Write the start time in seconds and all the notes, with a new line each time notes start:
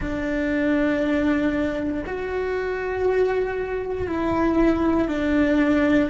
0.00 D4
2.06 F#4
4.07 E4
5.08 D4